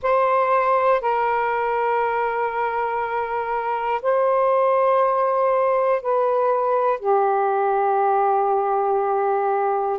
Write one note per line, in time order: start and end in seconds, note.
0.02 1.01 C5
1.01 4.01 A#4
4.02 6.02 C5
6.02 7.00 B4
7.00 9.99 G4